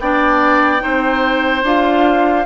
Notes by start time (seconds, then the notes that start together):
0.00 B3 D4 D5 G5
0.79 C4 D#4 C5
1.63 D4 F4 F5